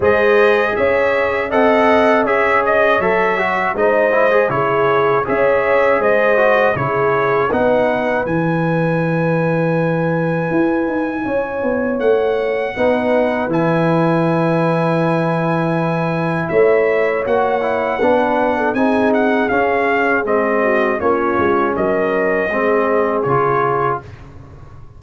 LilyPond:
<<
  \new Staff \with { instrumentName = "trumpet" } { \time 4/4 \tempo 4 = 80 dis''4 e''4 fis''4 e''8 dis''8 | e''4 dis''4 cis''4 e''4 | dis''4 cis''4 fis''4 gis''4~ | gis''1 |
fis''2 gis''2~ | gis''2 e''4 fis''4~ | fis''4 gis''8 fis''8 f''4 dis''4 | cis''4 dis''2 cis''4 | }
  \new Staff \with { instrumentName = "horn" } { \time 4/4 c''4 cis''4 dis''4 cis''4~ | cis''4 c''4 gis'4 cis''4 | c''4 gis'4 b'2~ | b'2. cis''4~ |
cis''4 b'2.~ | b'2 cis''2 | b'8. a'16 gis'2~ gis'8 fis'8 | f'4 ais'4 gis'2 | }
  \new Staff \with { instrumentName = "trombone" } { \time 4/4 gis'2 a'4 gis'4 | a'8 fis'8 dis'8 e'16 gis'16 e'4 gis'4~ | gis'8 fis'8 e'4 dis'4 e'4~ | e'1~ |
e'4 dis'4 e'2~ | e'2. fis'8 e'8 | d'4 dis'4 cis'4 c'4 | cis'2 c'4 f'4 | }
  \new Staff \with { instrumentName = "tuba" } { \time 4/4 gis4 cis'4 c'4 cis'4 | fis4 gis4 cis4 cis'4 | gis4 cis4 b4 e4~ | e2 e'8 dis'8 cis'8 b8 |
a4 b4 e2~ | e2 a4 ais4 | b4 c'4 cis'4 gis4 | ais8 gis8 fis4 gis4 cis4 | }
>>